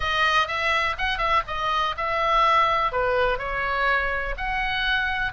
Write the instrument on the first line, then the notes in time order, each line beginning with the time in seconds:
oboe
0.00 D#5
0.47 E5
0.98 F#5
1.18 E5
1.47 D#5
1.97 E5
2.92 B4
3.38 C#5
4.37 F#5